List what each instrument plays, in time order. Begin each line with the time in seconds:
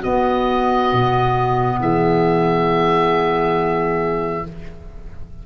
0.00 clarinet B3, tuba B3, horn F#4, oboe D#5
0.93 tuba B2
1.80 tuba E3, horn G#4, oboe E5